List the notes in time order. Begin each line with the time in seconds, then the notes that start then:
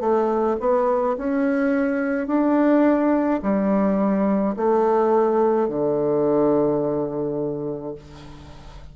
0.00 A3
0.60 B3
1.18 C#4
2.27 D4
3.42 G3
4.56 A3
5.69 D3